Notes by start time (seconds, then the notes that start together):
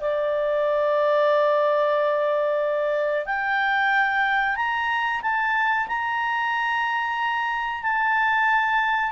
0.00 D5
3.26 G5
4.56 A#5
5.21 A5
5.87 A#5
7.82 A5